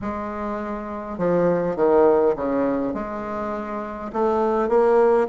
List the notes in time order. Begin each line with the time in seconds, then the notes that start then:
0.01 G#3
1.18 F3
1.76 D#3
2.35 C#3
2.94 G#3
4.12 A3
4.68 A#3